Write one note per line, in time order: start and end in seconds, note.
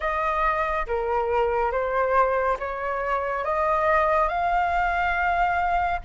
0.00 0.86 D#5
0.86 1.71 A#4
1.71 2.57 C5
2.59 3.44 C#5
3.44 4.28 D#5
4.28 5.99 F5